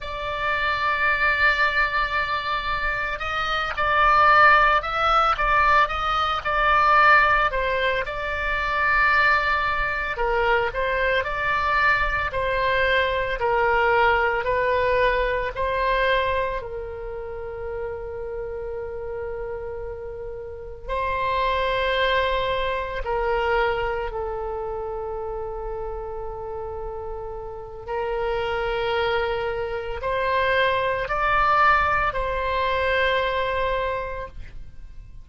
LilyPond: \new Staff \with { instrumentName = "oboe" } { \time 4/4 \tempo 4 = 56 d''2. dis''8 d''8~ | d''8 e''8 d''8 dis''8 d''4 c''8 d''8~ | d''4. ais'8 c''8 d''4 c''8~ | c''8 ais'4 b'4 c''4 ais'8~ |
ais'2.~ ais'8 c''8~ | c''4. ais'4 a'4.~ | a'2 ais'2 | c''4 d''4 c''2 | }